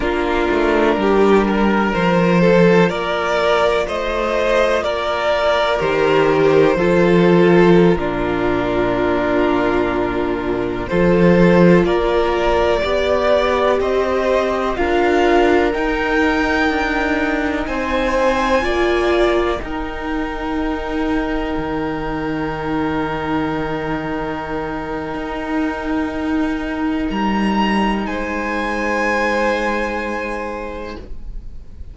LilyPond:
<<
  \new Staff \with { instrumentName = "violin" } { \time 4/4 \tempo 4 = 62 ais'2 c''4 d''4 | dis''4 d''4 c''2 | ais'2.~ ais'16 c''8.~ | c''16 d''2 dis''4 f''8.~ |
f''16 g''2 gis''4.~ gis''16~ | gis''16 g''2.~ g''8.~ | g''1 | ais''4 gis''2. | }
  \new Staff \with { instrumentName = "violin" } { \time 4/4 f'4 g'8 ais'4 a'8 ais'4 | c''4 ais'2 a'4~ | a'16 f'2. a'8.~ | a'16 ais'4 d''4 c''4 ais'8.~ |
ais'2~ ais'16 c''4 d''8.~ | d''16 ais'2.~ ais'8.~ | ais'1~ | ais'4 c''2. | }
  \new Staff \with { instrumentName = "viola" } { \time 4/4 d'2 f'2~ | f'2 g'4 f'4~ | f'16 d'2. f'8.~ | f'4~ f'16 g'2 f'8.~ |
f'16 dis'2. f'8.~ | f'16 dis'2.~ dis'8.~ | dis'1~ | dis'1 | }
  \new Staff \with { instrumentName = "cello" } { \time 4/4 ais8 a8 g4 f4 ais4 | a4 ais4 dis4 f4~ | f16 ais,2. f8.~ | f16 ais4 b4 c'4 d'8.~ |
d'16 dis'4 d'4 c'4 ais8.~ | ais16 dis'2 dis4.~ dis16~ | dis2 dis'2 | g4 gis2. | }
>>